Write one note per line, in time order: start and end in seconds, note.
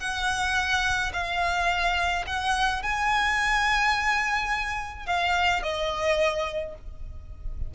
0.00 1.12 F#5
1.13 2.25 F5
2.27 2.83 F#5
2.83 5.06 G#5
5.06 5.63 F5
5.63 6.75 D#5